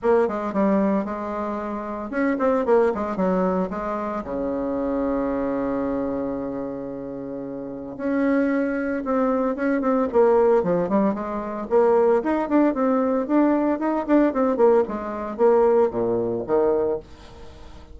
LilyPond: \new Staff \with { instrumentName = "bassoon" } { \time 4/4 \tempo 4 = 113 ais8 gis8 g4 gis2 | cis'8 c'8 ais8 gis8 fis4 gis4 | cis1~ | cis2. cis'4~ |
cis'4 c'4 cis'8 c'8 ais4 | f8 g8 gis4 ais4 dis'8 d'8 | c'4 d'4 dis'8 d'8 c'8 ais8 | gis4 ais4 ais,4 dis4 | }